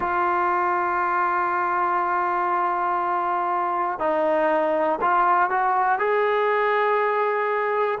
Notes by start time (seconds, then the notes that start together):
0.00 F4
3.99 D#4
5.00 F4
5.50 F#4
5.99 G#4